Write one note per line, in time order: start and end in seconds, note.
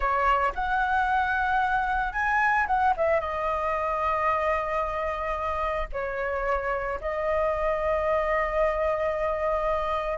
0.00 0.52 C#5
0.55 2.12 F#5
2.12 2.66 G#5
2.66 2.93 F#5
2.96 3.20 E5
3.20 5.88 D#5
5.92 6.99 C#5
7.00 10.18 D#5